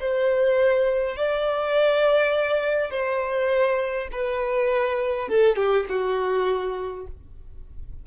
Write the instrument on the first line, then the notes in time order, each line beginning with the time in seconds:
violin
0.00 C5
1.16 D5
2.90 C5
4.12 B4
5.28 A4
5.56 G4
5.89 F#4